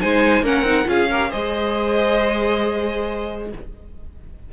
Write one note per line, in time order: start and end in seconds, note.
0.00 0.42 G#3
0.00 0.44 D#4
0.00 0.43 C5
0.00 0.44 G#5
0.42 0.61 A#3
0.42 0.65 C#4
0.42 0.87 A#4
0.42 0.89 F#5
0.61 0.83 C4
0.61 0.85 D#4
0.85 1.31 C#4
0.85 1.07 F4
0.85 1.10 G#4
0.85 1.32 F5
1.10 1.30 G4
1.10 1.30 A#4
1.30 3.52 G#3
1.30 3.49 G#4
1.30 3.49 C5
1.30 3.51 D#5